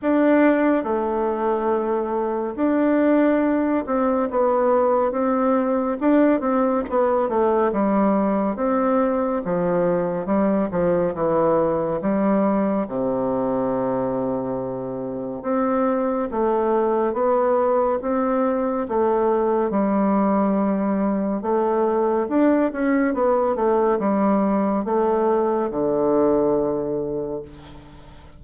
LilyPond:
\new Staff \with { instrumentName = "bassoon" } { \time 4/4 \tempo 4 = 70 d'4 a2 d'4~ | d'8 c'8 b4 c'4 d'8 c'8 | b8 a8 g4 c'4 f4 | g8 f8 e4 g4 c4~ |
c2 c'4 a4 | b4 c'4 a4 g4~ | g4 a4 d'8 cis'8 b8 a8 | g4 a4 d2 | }